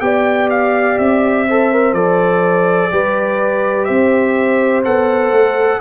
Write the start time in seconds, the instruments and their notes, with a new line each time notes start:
0.00 tuba B3, trombone G4, horn D5, trumpet G5
0.50 trumpet F5
0.98 tuba C4, trumpet E5
1.48 trombone A4, horn C5
1.72 trombone A#4
1.93 tuba F3, trombone A4, trumpet D5
2.91 tuba G3, trombone G4, horn B4
3.84 tuba C4, horn C5, trumpet E5
4.84 tuba B3, trombone A4, trumpet F#5
5.31 tuba A3